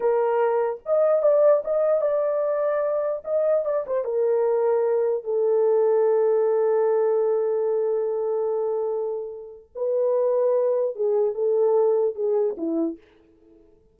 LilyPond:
\new Staff \with { instrumentName = "horn" } { \time 4/4 \tempo 4 = 148 ais'2 dis''4 d''4 | dis''4 d''2. | dis''4 d''8 c''8 ais'2~ | ais'4 a'2.~ |
a'1~ | a'1 | b'2. gis'4 | a'2 gis'4 e'4 | }